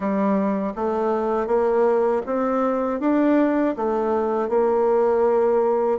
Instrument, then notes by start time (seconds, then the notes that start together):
bassoon
0.00 G3
0.75 A3
1.47 A#3
2.26 C4
3.00 D4
3.76 A3
4.49 A#3